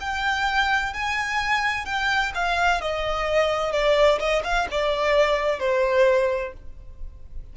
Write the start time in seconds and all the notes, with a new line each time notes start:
0.00 G5
0.93 G#5
1.85 G5
2.34 F5
2.81 D#5
3.72 D5
4.19 D#5
4.44 F5
4.71 D5
5.60 C5